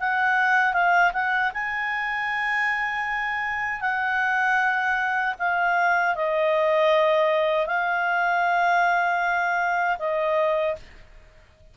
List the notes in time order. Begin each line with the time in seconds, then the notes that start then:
0.00 F#5
0.73 F5
1.13 F#5
1.53 G#5
3.81 F#5
5.39 F5
6.15 D#5
7.66 F5
9.99 D#5